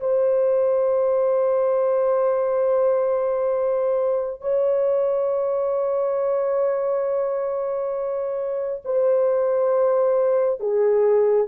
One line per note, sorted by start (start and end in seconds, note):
0.00 4.41 C5
4.41 8.82 C#5
8.85 10.60 C5
10.60 11.47 G#4